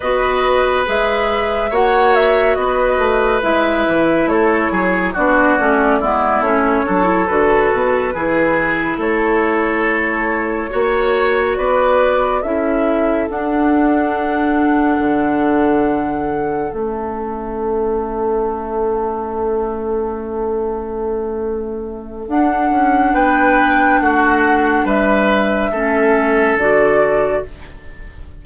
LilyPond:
<<
  \new Staff \with { instrumentName = "flute" } { \time 4/4 \tempo 4 = 70 dis''4 e''4 fis''8 e''8 dis''4 | e''4 cis''4 d''4. cis''8~ | cis''8 b'2 cis''4.~ | cis''4. d''4 e''4 fis''8~ |
fis''2.~ fis''8 e''8~ | e''1~ | e''2 fis''4 g''4 | fis''4 e''2 d''4 | }
  \new Staff \with { instrumentName = "oboe" } { \time 4/4 b'2 cis''4 b'4~ | b'4 a'8 gis'8 fis'4 e'4 | a'4. gis'4 a'4.~ | a'8 cis''4 b'4 a'4.~ |
a'1~ | a'1~ | a'2. b'4 | fis'4 b'4 a'2 | }
  \new Staff \with { instrumentName = "clarinet" } { \time 4/4 fis'4 gis'4 fis'2 | e'2 d'8 cis'8 b8 cis'8 | d'16 e'16 fis'4 e'2~ e'8~ | e'8 fis'2 e'4 d'8~ |
d'2.~ d'8 cis'8~ | cis'1~ | cis'2 d'2~ | d'2 cis'4 fis'4 | }
  \new Staff \with { instrumentName = "bassoon" } { \time 4/4 b4 gis4 ais4 b8 a8 | gis8 e8 a8 fis8 b8 a8 gis8 a8 | fis8 d8 b,8 e4 a4.~ | a8 ais4 b4 cis'4 d'8~ |
d'4. d2 a8~ | a1~ | a2 d'8 cis'8 b4 | a4 g4 a4 d4 | }
>>